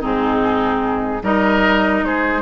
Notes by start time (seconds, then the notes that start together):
0.00 G#2 C4 D#4 G#4
1.22 G3 D#4 A#4 D#5
2.03 G#3 G#4 C5